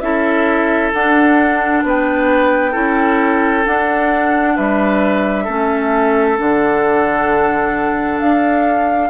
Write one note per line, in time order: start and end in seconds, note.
0.00 0.92 C#4
0.00 0.93 E4
0.00 1.85 A4
0.00 0.91 E5
0.93 1.84 D4
0.93 2.73 D4
0.93 1.84 F#5
1.84 2.74 B3
1.84 2.71 B4
1.84 3.66 G5
2.71 3.65 C#4
2.71 3.64 E4
2.71 4.53 A4
3.65 5.47 D4
3.65 4.57 D4
3.65 4.57 F#5
4.56 5.48 G3
4.56 5.44 B4
4.56 6.38 E5
5.44 6.38 A3
5.44 6.37 C#4
5.44 9.08 A4
6.37 8.21 D3
6.37 9.10 D4
6.37 8.19 F#5
8.19 9.10 D4
8.19 9.10 F5